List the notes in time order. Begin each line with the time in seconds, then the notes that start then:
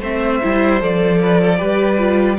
0.00 A3 C4 C5 E5
0.42 G3 E4
0.80 F3 A4 D5
1.22 B4
1.42 A4
1.57 G3 G4 B4
1.98 F4